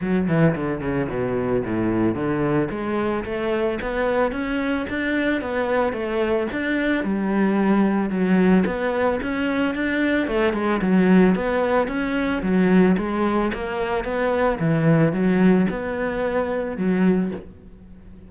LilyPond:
\new Staff \with { instrumentName = "cello" } { \time 4/4 \tempo 4 = 111 fis8 e8 d8 cis8 b,4 a,4 | d4 gis4 a4 b4 | cis'4 d'4 b4 a4 | d'4 g2 fis4 |
b4 cis'4 d'4 a8 gis8 | fis4 b4 cis'4 fis4 | gis4 ais4 b4 e4 | fis4 b2 fis4 | }